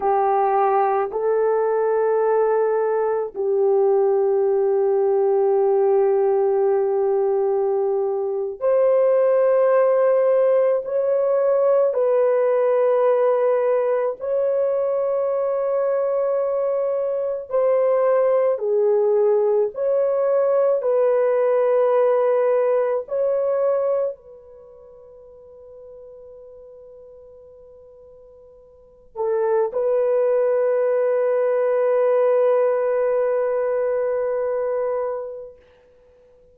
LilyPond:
\new Staff \with { instrumentName = "horn" } { \time 4/4 \tempo 4 = 54 g'4 a'2 g'4~ | g'2.~ g'8. c''16~ | c''4.~ c''16 cis''4 b'4~ b'16~ | b'8. cis''2. c''16~ |
c''8. gis'4 cis''4 b'4~ b'16~ | b'8. cis''4 b'2~ b'16~ | b'2~ b'16 a'8 b'4~ b'16~ | b'1 | }